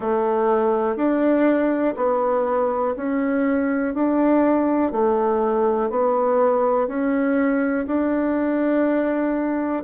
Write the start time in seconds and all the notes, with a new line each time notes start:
0.00 A3
0.96 D4
1.96 B3
2.96 C#4
3.94 D4
4.92 A3
5.90 B3
6.87 C#4
7.86 D4